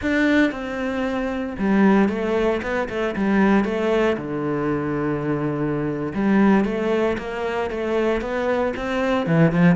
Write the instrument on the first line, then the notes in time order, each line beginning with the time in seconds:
cello
0.01 D4
0.51 C4
1.58 G3
2.08 A3
2.62 B3
2.89 A3
3.16 G3
3.64 A3
4.17 D3
6.14 G3
6.65 A3
7.18 A#3
7.70 A3
8.21 B3
8.76 C4
9.26 E3
9.51 F3